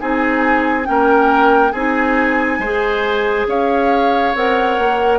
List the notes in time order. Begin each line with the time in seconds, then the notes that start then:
0.00 C4 D#4 G#4 G#5
0.84 A#3 C#4 G5
0.90 A#4
1.72 C4 D#4 G#4 G#5
2.59 G#3 G#4 C5
3.47 C#4 C#5 F5
4.35 C4 A#4 F#5
4.78 A#3